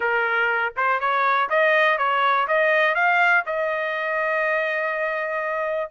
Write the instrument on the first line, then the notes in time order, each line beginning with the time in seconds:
trumpet
0.00 A#4
0.76 C5
0.99 C#5
1.49 D#5
1.97 C#5
2.47 D#5
2.94 F5
3.46 D#5